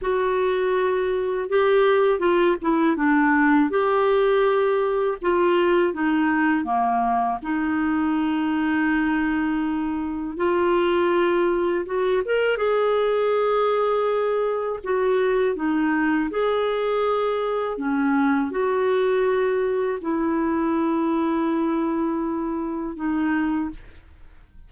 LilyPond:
\new Staff \with { instrumentName = "clarinet" } { \time 4/4 \tempo 4 = 81 fis'2 g'4 f'8 e'8 | d'4 g'2 f'4 | dis'4 ais4 dis'2~ | dis'2 f'2 |
fis'8 ais'8 gis'2. | fis'4 dis'4 gis'2 | cis'4 fis'2 e'4~ | e'2. dis'4 | }